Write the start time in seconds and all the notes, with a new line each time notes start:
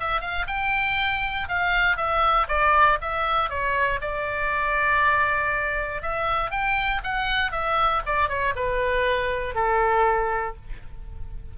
0.00 E5
0.21 F5
0.48 G5
1.49 F5
1.97 E5
2.48 D5
3.01 E5
3.50 C#5
4.01 D5
6.02 E5
6.51 G5
7.04 F#5
7.52 E5
8.06 D5
8.29 C#5
8.56 B4
9.55 A4